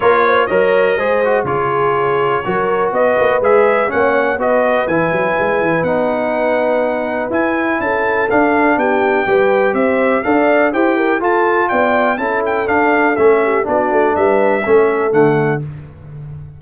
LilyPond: <<
  \new Staff \with { instrumentName = "trumpet" } { \time 4/4 \tempo 4 = 123 cis''4 dis''2 cis''4~ | cis''2 dis''4 e''4 | fis''4 dis''4 gis''2 | fis''2. gis''4 |
a''4 f''4 g''2 | e''4 f''4 g''4 a''4 | g''4 a''8 g''8 f''4 e''4 | d''4 e''2 fis''4 | }
  \new Staff \with { instrumentName = "horn" } { \time 4/4 ais'8 c''8 cis''4 c''4 gis'4~ | gis'4 ais'4 b'2 | cis''4 b'2.~ | b'1 |
a'2 g'4 b'4 | c''4 d''4 c''8 ais'8 a'4 | d''4 a'2~ a'8 g'8 | fis'4 b'4 a'2 | }
  \new Staff \with { instrumentName = "trombone" } { \time 4/4 f'4 ais'4 gis'8 fis'8 f'4~ | f'4 fis'2 gis'4 | cis'4 fis'4 e'2 | dis'2. e'4~ |
e'4 d'2 g'4~ | g'4 a'4 g'4 f'4~ | f'4 e'4 d'4 cis'4 | d'2 cis'4 a4 | }
  \new Staff \with { instrumentName = "tuba" } { \time 4/4 ais4 fis4 gis4 cis4~ | cis4 fis4 b8 ais8 gis4 | ais4 b4 e8 fis8 gis8 e8 | b2. e'4 |
cis'4 d'4 b4 g4 | c'4 d'4 e'4 f'4 | b4 cis'4 d'4 a4 | b8 a8 g4 a4 d4 | }
>>